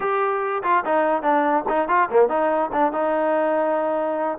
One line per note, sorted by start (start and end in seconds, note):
0.00 0.62 G4
0.63 0.84 F4
0.85 1.22 D#4
1.22 1.64 D4
1.68 1.88 D#4
1.88 2.09 F4
2.10 2.28 A#3
2.28 2.70 D#4
2.72 2.92 D4
2.92 4.38 D#4